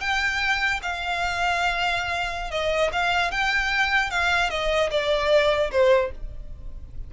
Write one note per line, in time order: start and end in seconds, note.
0.00 0.80 G5
0.82 2.50 F5
2.50 2.90 D#5
2.92 3.31 F5
3.31 4.10 G5
4.10 4.49 F5
4.49 4.89 D#5
4.90 5.70 D5
5.71 6.11 C5